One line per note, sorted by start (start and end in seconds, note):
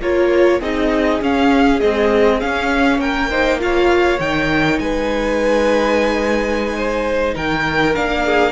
0.00 0.61 A#3
0.00 0.61 F4
0.00 0.59 A#4
0.00 0.62 C#5
0.59 1.21 C4
0.59 1.21 D#4
0.59 2.99 G#4
0.59 1.22 D#5
1.21 1.81 C#4
1.21 1.80 C#4
1.21 1.80 F5
1.80 2.40 G#3
1.80 2.43 C4
1.80 2.40 D#5
2.40 3.31 C#4
2.40 2.98 C#4
2.40 3.00 F5
2.98 4.19 A#3
2.98 3.29 A#4
2.98 3.60 G5
3.29 3.59 D#4
3.29 3.60 C5
3.59 4.19 F4
3.59 4.82 C#5
3.59 4.20 F5
4.20 4.79 D#3
4.20 7.95 D#4
4.20 4.79 G5
4.79 7.34 G#3
4.79 6.77 B4
4.79 7.34 G#5
6.77 7.35 C5
7.35 7.96 D#3
7.35 8.25 A#4
7.35 7.95 G5
7.95 8.52 A#3
7.95 8.52 D4
7.95 8.52 F5
8.25 8.52 G#4